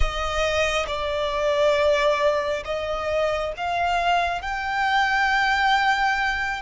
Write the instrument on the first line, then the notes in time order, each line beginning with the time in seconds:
violin
0.00 D#5
0.86 D5
2.64 D#5
3.56 F5
4.41 G5